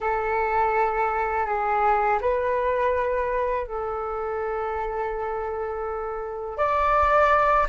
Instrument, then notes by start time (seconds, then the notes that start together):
flute
0.00 A4
1.46 G#4
2.21 B4
3.67 A4
6.57 D5